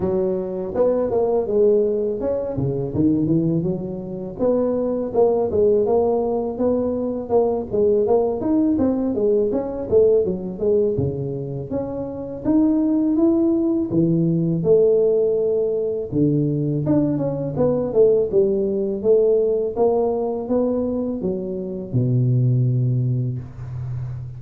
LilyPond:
\new Staff \with { instrumentName = "tuba" } { \time 4/4 \tempo 4 = 82 fis4 b8 ais8 gis4 cis'8 cis8 | dis8 e8 fis4 b4 ais8 gis8 | ais4 b4 ais8 gis8 ais8 dis'8 | c'8 gis8 cis'8 a8 fis8 gis8 cis4 |
cis'4 dis'4 e'4 e4 | a2 d4 d'8 cis'8 | b8 a8 g4 a4 ais4 | b4 fis4 b,2 | }